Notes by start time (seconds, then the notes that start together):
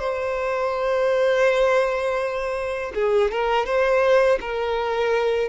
0.00 C5
2.95 G#4
3.32 A#4
3.66 C5
4.41 A#4